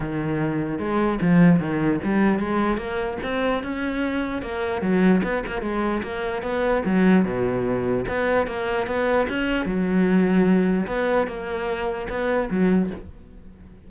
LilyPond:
\new Staff \with { instrumentName = "cello" } { \time 4/4 \tempo 4 = 149 dis2 gis4 f4 | dis4 g4 gis4 ais4 | c'4 cis'2 ais4 | fis4 b8 ais8 gis4 ais4 |
b4 fis4 b,2 | b4 ais4 b4 cis'4 | fis2. b4 | ais2 b4 fis4 | }